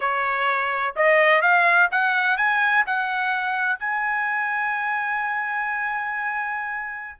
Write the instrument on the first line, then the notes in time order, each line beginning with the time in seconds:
trumpet
0.00 C#5
0.96 D#5
1.41 F5
1.91 F#5
2.37 G#5
2.86 F#5
3.79 G#5